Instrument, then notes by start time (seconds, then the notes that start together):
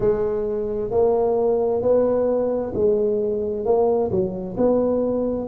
tuba
0.00 G#3
0.90 A#3
1.81 B3
2.74 G#3
3.65 A#3
4.11 F#3
4.57 B3